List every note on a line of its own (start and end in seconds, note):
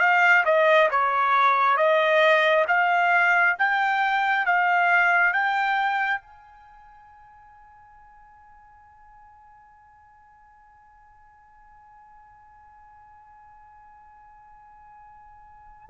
0.00 0.44 F5
0.45 0.89 D#5
0.91 1.77 C#5
1.77 2.66 D#5
2.68 3.57 F5
3.59 4.46 G5
4.46 5.33 F5
5.33 6.21 G5
6.21 15.90 G#5